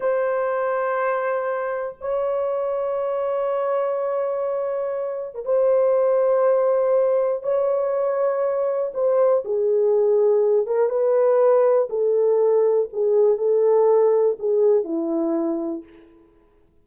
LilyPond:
\new Staff \with { instrumentName = "horn" } { \time 4/4 \tempo 4 = 121 c''1 | cis''1~ | cis''2~ cis''8. ais'16 c''4~ | c''2. cis''4~ |
cis''2 c''4 gis'4~ | gis'4. ais'8 b'2 | a'2 gis'4 a'4~ | a'4 gis'4 e'2 | }